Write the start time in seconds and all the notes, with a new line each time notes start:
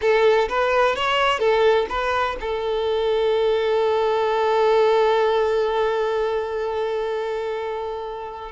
0.01 A4
0.48 B4
0.95 C#5
1.39 A4
1.89 B4
2.40 A4